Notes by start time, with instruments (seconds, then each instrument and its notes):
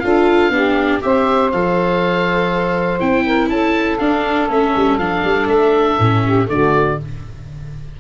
0.00 tuba D4, viola F4, saxophone A4, oboe F5
0.50 tuba B3, viola D4, saxophone G4
1.01 tuba C4, viola G4, saxophone C5, oboe E5
1.52 tuba F3, viola A4, oboe F5
3.00 tuba C4, viola E4, oboe G5
3.25 saxophone A#4
3.50 tuba C#4, saxophone A4, oboe A5
3.98 viola D4, tuba D4, oboe F5
4.48 tuba A3, viola C#4, oboe E5
4.77 tuba G3
4.98 tuba F3, viola D4, oboe F5
5.24 tuba G3
5.48 tuba A3, oboe E5
5.99 tuba A2, viola C#4
6.24 saxophone G4
6.47 tuba D3, viola A3, saxophone F#4, oboe D5